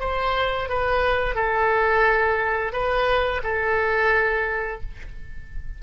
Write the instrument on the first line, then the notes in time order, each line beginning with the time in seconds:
oboe
0.00 C5
0.69 B4
1.35 A4
2.73 B4
3.43 A4